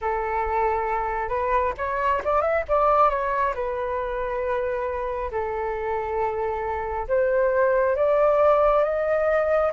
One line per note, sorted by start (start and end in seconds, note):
0.01 1.28 A4
1.28 1.72 B4
1.77 2.21 C#5
2.24 2.41 D5
2.41 2.63 E5
2.68 3.09 D5
3.09 3.53 C#5
3.54 5.31 B4
5.31 7.07 A4
7.07 7.96 C5
7.96 8.83 D5
8.83 9.71 D#5